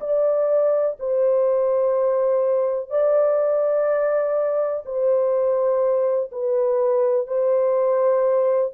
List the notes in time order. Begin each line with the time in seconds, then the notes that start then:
0.00 D5
0.99 C5
2.90 D5
4.86 C5
6.32 B4
7.27 C5